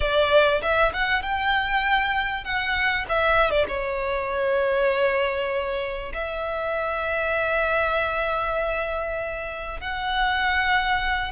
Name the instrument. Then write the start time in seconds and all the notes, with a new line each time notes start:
violin
0.00 D5
0.62 E5
0.93 F#5
1.22 G5
2.44 F#5
3.08 E5
3.50 D5
3.68 C#5
6.13 E5
9.80 F#5